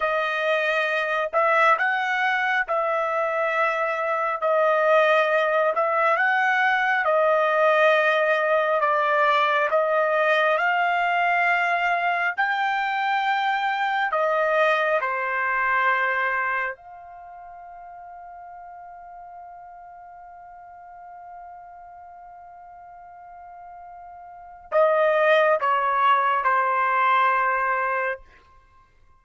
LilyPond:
\new Staff \with { instrumentName = "trumpet" } { \time 4/4 \tempo 4 = 68 dis''4. e''8 fis''4 e''4~ | e''4 dis''4. e''8 fis''4 | dis''2 d''4 dis''4 | f''2 g''2 |
dis''4 c''2 f''4~ | f''1~ | f''1 | dis''4 cis''4 c''2 | }